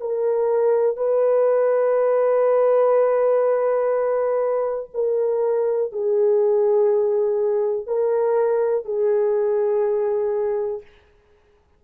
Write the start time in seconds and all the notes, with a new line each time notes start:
0.00 A#4
0.97 B4
4.94 A#4
5.92 G#4
7.86 A#4
8.85 G#4